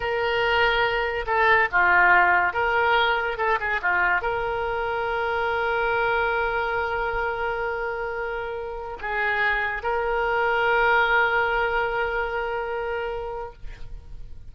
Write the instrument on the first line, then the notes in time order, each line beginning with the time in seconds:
oboe
0.00 A#4
1.26 A4
1.71 F4
2.53 A#4
3.37 A4
3.59 G#4
3.81 F4
4.21 A#4
9.01 G#4
9.83 A#4